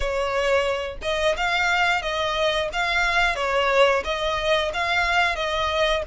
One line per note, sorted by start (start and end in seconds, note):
0.00 0.97 C#5
1.01 1.35 D#5
1.36 2.02 F5
2.02 2.69 D#5
2.72 3.35 F5
3.35 4.03 C#5
4.04 4.71 D#5
4.73 5.35 F5
5.35 6.02 D#5